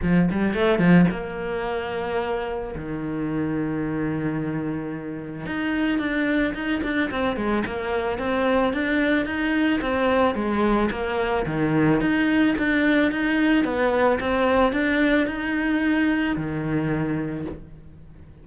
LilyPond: \new Staff \with { instrumentName = "cello" } { \time 4/4 \tempo 4 = 110 f8 g8 a8 f8 ais2~ | ais4 dis2.~ | dis2 dis'4 d'4 | dis'8 d'8 c'8 gis8 ais4 c'4 |
d'4 dis'4 c'4 gis4 | ais4 dis4 dis'4 d'4 | dis'4 b4 c'4 d'4 | dis'2 dis2 | }